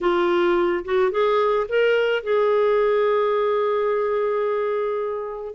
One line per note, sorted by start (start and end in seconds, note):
0.01 0.84 F4
0.85 1.11 F#4
1.11 1.66 G#4
1.68 2.23 A#4
2.23 5.54 G#4